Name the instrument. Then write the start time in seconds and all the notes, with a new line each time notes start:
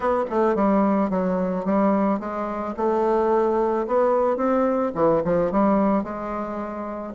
bassoon
0.00 B3
0.30 A3
0.55 G3
1.10 F#3
1.65 G3
2.19 G#3
2.76 A3
3.87 B3
4.36 C4
4.94 E3
5.24 F3
5.51 G3
6.03 G#3